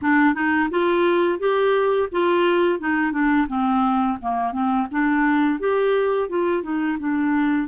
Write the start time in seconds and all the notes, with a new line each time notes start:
0.01 D4
0.34 D#4
0.70 F4
1.39 G4
2.11 F4
2.79 D#4
3.12 D4
3.48 C4
4.21 A#3
4.52 C4
4.91 D4
5.59 G4
6.29 F4
6.62 D#4
6.99 D4